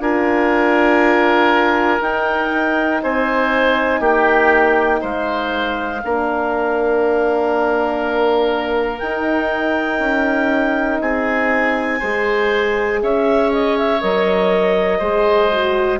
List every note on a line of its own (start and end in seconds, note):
0.00 2.00 D4
0.00 2.01 F4
0.00 3.02 A#4
0.00 2.02 G#5
2.01 3.01 D#4
2.01 6.03 D#4
2.01 3.02 G5
3.03 4.00 C4
3.03 4.00 C5
3.03 4.03 G#5
4.00 5.00 A#3
4.00 5.00 G4
4.00 5.02 G5
5.01 6.03 G#3
5.01 6.01 C5
5.01 8.99 F5
6.04 9.01 A#3
6.04 9.02 D4
6.04 11.03 A#4
8.99 9.99 D#4
8.99 12.02 D#4
8.99 10.99 G5
9.99 10.99 C#4
11.01 12.01 C4
11.01 11.99 G#4
11.01 13.02 G#5
11.99 13.02 G#3
11.99 14.01 G#4
11.99 12.99 C5
13.02 14.02 C#4
13.02 14.99 C#5
13.02 13.53 E5
13.53 13.78 D#5
13.79 14.01 E5
14.01 15.01 F#3
14.01 15.01 A#4
14.01 16.00 D#5
14.99 16.00 G#3
14.99 15.51 G#4
14.99 15.99 C5
15.52 16.00 F#4